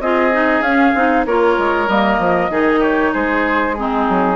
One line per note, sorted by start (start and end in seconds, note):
0.00 0.61 C4
0.00 0.32 F4
0.00 1.26 G#4
0.00 0.62 D#5
0.32 0.63 D#4
0.61 0.92 C#4
0.61 0.95 C#4
0.61 1.24 F5
0.94 1.25 C4
0.94 1.26 D#4
1.25 1.57 A#3
1.25 1.88 F4
1.25 2.51 A#4
1.25 1.88 C#5
1.58 1.88 G#3
1.88 2.18 G3
1.88 2.50 A#3
1.88 2.81 D#5
2.18 2.49 F3
2.50 3.12 D#3
2.50 3.75 D#4
2.50 2.79 G#4
2.79 3.11 G4
2.79 3.12 C#5
3.12 4.08 G#3
3.12 3.75 G#4
3.12 3.74 C5
3.74 4.36 C4
3.74 4.36 D#4
3.74 4.36 G#4
4.08 4.36 F#3